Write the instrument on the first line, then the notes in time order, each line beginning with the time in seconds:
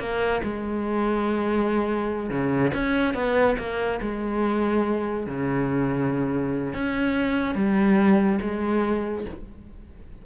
cello
0.00 A#3
0.44 G#3
2.30 C#3
2.74 C#4
3.15 B3
3.59 A#3
4.02 G#3
5.27 C#3
6.74 C#4
7.56 G3
8.42 G#3